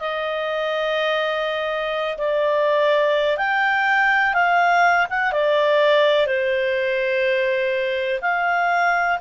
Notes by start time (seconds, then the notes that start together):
0.00 D#5
2.18 D5
3.38 G5
4.34 F5
5.10 F#5
5.32 D5
6.27 C5
8.22 F5